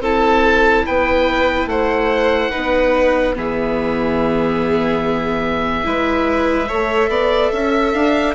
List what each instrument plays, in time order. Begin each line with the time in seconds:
0.00 bassoon C4, viola E4, violin A4, oboe A5
0.85 bassoon B3, violin B4, oboe G5
1.66 bassoon A3, violin C5, oboe F#5
2.51 bassoon B3, viola D#4, violin B4
3.34 bassoon E3, viola B3, violin G#4, oboe E5
5.84 bassoon G#3, viola E4, violin B4
6.68 bassoon A3, viola A4, violin C#5
7.09 bassoon B3, violin D5
7.52 bassoon C#4, violin E5
7.93 bassoon D4, oboe F5